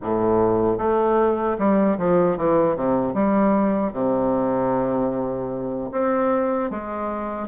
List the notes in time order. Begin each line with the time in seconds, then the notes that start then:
0.02 A2
0.78 A3
1.58 G3
1.97 F3
2.37 E3
2.76 C3
3.14 G3
3.93 C3
5.91 C4
6.70 G#3